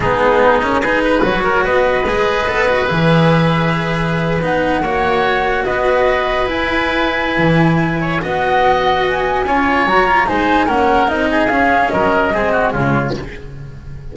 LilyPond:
<<
  \new Staff \with { instrumentName = "flute" } { \time 4/4 \tempo 4 = 146 gis'4. ais'8 b'4 cis''4 | dis''2. e''4~ | e''2~ e''8. fis''4~ fis''16~ | fis''4.~ fis''16 dis''2 gis''16~ |
gis''1 | fis''2 gis''2 | ais''4 gis''4 fis''4 dis''4 | f''4 dis''2 cis''4 | }
  \new Staff \with { instrumentName = "oboe" } { \time 4/4 dis'2 gis'8 b'4 ais'8 | b'1~ | b'2.~ b'8. cis''16~ | cis''4.~ cis''16 b'2~ b'16~ |
b'2.~ b'8 cis''8 | dis''2. cis''4~ | cis''4 c''4 ais'4. gis'8~ | gis'4 ais'4 gis'8 fis'8 f'4 | }
  \new Staff \with { instrumentName = "cello" } { \time 4/4 b4. cis'8 dis'4 fis'4~ | fis'4 gis'4 a'8 fis'8 gis'4~ | gis'2~ gis'8. dis'4 fis'16~ | fis'2.~ fis'8. e'16~ |
e'1 | fis'2. f'4 | fis'8 f'8 dis'4 cis'4 dis'4 | cis'2 c'4 gis4 | }
  \new Staff \with { instrumentName = "double bass" } { \time 4/4 gis2. fis4 | b4 gis4 b4 e4~ | e2~ e8. b4 ais16~ | ais4.~ ais16 b2 e'16~ |
e'2 e2 | b2. cis'4 | fis4 gis4 ais4 c'4 | cis'4 fis4 gis4 cis4 | }
>>